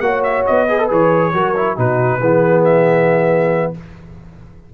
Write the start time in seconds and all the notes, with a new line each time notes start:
0.00 A#3 F#4 C#5 F#5
0.24 E5
0.46 B3 D#5
0.67 G#4 B4
0.79 A4
0.89 E3 G#4 C#5
1.33 F#3 F#4 A#4
1.56 E4
1.77 B2 D#4 F#4 B4
2.20 E3 B3 G#4
2.65 E5